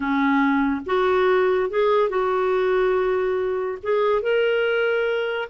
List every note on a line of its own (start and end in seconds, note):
0.00 0.81 C#4
0.86 1.70 F#4
1.70 2.09 G#4
2.09 3.78 F#4
3.82 4.22 G#4
4.22 5.48 A#4